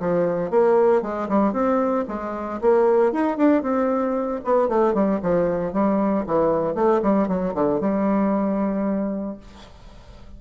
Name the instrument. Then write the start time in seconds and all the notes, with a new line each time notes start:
bassoon
0.00 F3
0.51 A#3
1.02 G#3
1.29 G3
1.53 C4
2.08 G#3
2.61 A#3
3.12 D#4
3.37 D4
3.63 C4
4.45 B3
4.69 A3
4.94 G3
5.23 F3
5.73 G3
6.27 E3
6.75 A3
7.02 G3
7.28 F#3
7.55 D3
7.81 G3